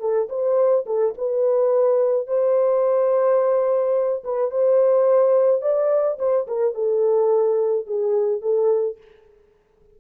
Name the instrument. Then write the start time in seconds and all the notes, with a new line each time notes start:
horn
0.00 A4
0.30 C5
0.86 A4
1.18 B4
2.27 C5
4.24 B4
4.51 C5
5.62 D5
6.19 C5
6.47 A#4
6.75 A4
7.87 G#4
8.42 A4